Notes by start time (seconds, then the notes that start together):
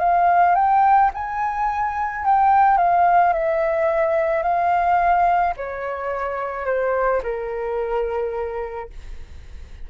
0.00 F5
0.56 G5
1.14 G#5
2.25 G5
2.78 F5
3.34 E5
4.43 F5
5.57 C#5
6.66 C5
7.23 A#4